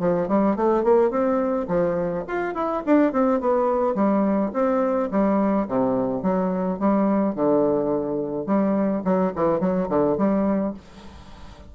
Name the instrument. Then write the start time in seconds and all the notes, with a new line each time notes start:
bassoon
0.00 F3
0.28 G3
0.56 A3
0.84 A#3
1.11 C4
1.68 F3
2.28 F4
2.55 E4
2.86 D4
3.13 C4
3.41 B3
3.95 G3
4.53 C4
5.11 G3
5.68 C3
6.23 F#3
6.80 G3
7.36 D3
8.47 G3
9.05 F#3
9.36 E3
9.60 F#3
9.90 D3
10.18 G3